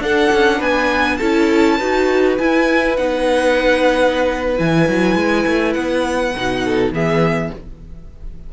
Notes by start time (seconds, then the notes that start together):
0.00 D4 A4 F#5
0.33 C#4
0.59 B3 B4 G#5
1.18 C#4 E4 A4 A5
1.78 D#4 F#4 B4
2.38 E4 G#5
2.97 B3 D#4 F#5
4.56 E3 E4 G#5
4.89 F#3
5.16 G#3
5.47 A3
5.74 B3 F#5
6.36 B2 D#4
6.65 A4
6.92 E3 B3 G#4 E5